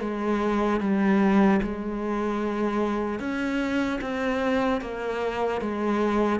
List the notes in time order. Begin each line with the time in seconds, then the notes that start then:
0.00 G#3
0.80 G3
1.62 G#3
3.19 C#4
4.01 C4
4.81 A#3
5.61 G#3